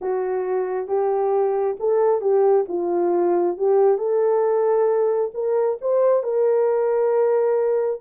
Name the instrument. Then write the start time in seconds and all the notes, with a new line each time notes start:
horn
0.01 F#4
0.87 G4
1.79 A4
2.21 G4
2.68 F4
3.57 G4
3.98 A4
5.34 A#4
5.81 C5
6.23 A#4